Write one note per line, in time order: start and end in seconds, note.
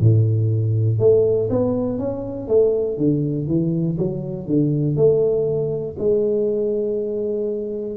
0.00 0.99 A2
0.99 1.49 A3
1.50 1.98 B3
1.98 2.48 C#4
2.48 2.97 A3
2.97 3.47 D3
3.47 3.97 E3
3.98 4.46 F#3
4.46 4.96 D3
4.96 5.96 A3
5.98 7.96 G#3